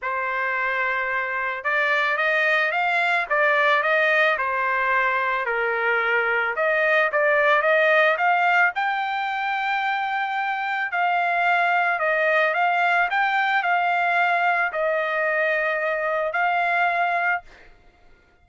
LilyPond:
\new Staff \with { instrumentName = "trumpet" } { \time 4/4 \tempo 4 = 110 c''2. d''4 | dis''4 f''4 d''4 dis''4 | c''2 ais'2 | dis''4 d''4 dis''4 f''4 |
g''1 | f''2 dis''4 f''4 | g''4 f''2 dis''4~ | dis''2 f''2 | }